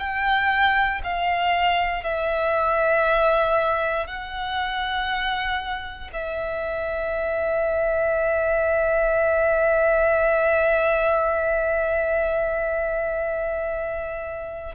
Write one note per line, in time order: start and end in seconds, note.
0.00 1.02 G5
1.04 2.04 F5
2.04 4.07 E5
4.07 6.11 F#5
6.13 14.75 E5